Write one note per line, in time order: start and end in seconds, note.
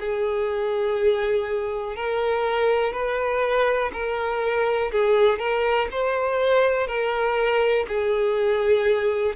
0.00 1.96 G#4
1.96 2.93 A#4
2.93 3.91 B4
3.93 4.91 A#4
4.92 5.39 G#4
5.39 5.88 A#4
5.92 6.87 C5
6.87 7.86 A#4
7.88 9.36 G#4